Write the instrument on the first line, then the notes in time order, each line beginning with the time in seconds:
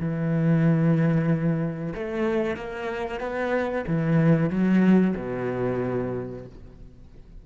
cello
0.00 E3
1.95 A3
2.57 A#3
3.21 B3
3.88 E3
4.50 F#3
5.17 B2